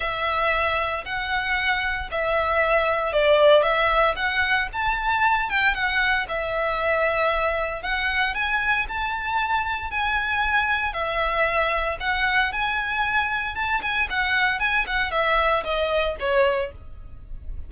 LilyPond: \new Staff \with { instrumentName = "violin" } { \time 4/4 \tempo 4 = 115 e''2 fis''2 | e''2 d''4 e''4 | fis''4 a''4. g''8 fis''4 | e''2. fis''4 |
gis''4 a''2 gis''4~ | gis''4 e''2 fis''4 | gis''2 a''8 gis''8 fis''4 | gis''8 fis''8 e''4 dis''4 cis''4 | }